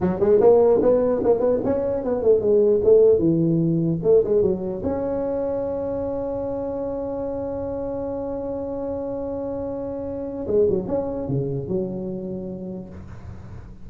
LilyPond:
\new Staff \with { instrumentName = "tuba" } { \time 4/4 \tempo 4 = 149 fis8 gis8 ais4 b4 ais8 b8 | cis'4 b8 a8 gis4 a4 | e2 a8 gis8 fis4 | cis'1~ |
cis'1~ | cis'1~ | cis'2 gis8 fis8 cis'4 | cis4 fis2. | }